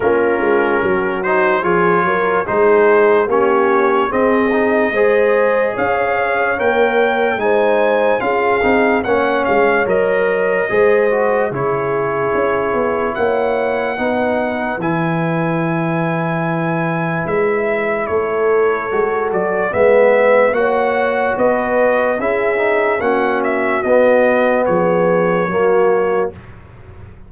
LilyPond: <<
  \new Staff \with { instrumentName = "trumpet" } { \time 4/4 \tempo 4 = 73 ais'4. c''8 cis''4 c''4 | cis''4 dis''2 f''4 | g''4 gis''4 f''4 fis''8 f''8 | dis''2 cis''2 |
fis''2 gis''2~ | gis''4 e''4 cis''4. d''8 | e''4 fis''4 dis''4 e''4 | fis''8 e''8 dis''4 cis''2 | }
  \new Staff \with { instrumentName = "horn" } { \time 4/4 f'4 fis'4 gis'8 ais'8 gis'4 | g'4 gis'4 c''4 cis''4~ | cis''4 c''4 gis'4 cis''4~ | cis''4 c''4 gis'2 |
cis''4 b'2.~ | b'2 a'2 | b'4 cis''4 b'4 gis'4 | fis'2 gis'4 fis'4 | }
  \new Staff \with { instrumentName = "trombone" } { \time 4/4 cis'4. dis'8 f'4 dis'4 | cis'4 c'8 dis'8 gis'2 | ais'4 dis'4 f'8 dis'8 cis'4 | ais'4 gis'8 fis'8 e'2~ |
e'4 dis'4 e'2~ | e'2. fis'4 | b4 fis'2 e'8 dis'8 | cis'4 b2 ais4 | }
  \new Staff \with { instrumentName = "tuba" } { \time 4/4 ais8 gis8 fis4 f8 fis8 gis4 | ais4 c'4 gis4 cis'4 | ais4 gis4 cis'8 c'8 ais8 gis8 | fis4 gis4 cis4 cis'8 b8 |
ais4 b4 e2~ | e4 gis4 a4 gis8 fis8 | gis4 ais4 b4 cis'4 | ais4 b4 f4 fis4 | }
>>